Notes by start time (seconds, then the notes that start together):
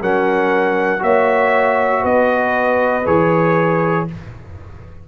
0.00 F#3 C#4 A#4 F#5
0.99 A#3 F#4 C#5 E5
2.01 B3 B4 D#5
3.06 E3 G#4 C#5